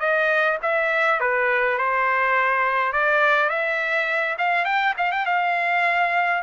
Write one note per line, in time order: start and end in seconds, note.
0.00 0.58 D#5
0.62 1.20 E5
1.20 1.78 B4
1.78 2.93 C5
2.93 3.49 D5
3.49 4.37 E5
4.38 4.65 F5
4.65 4.94 G5
4.97 5.12 F5
5.12 5.26 G5
5.26 6.42 F5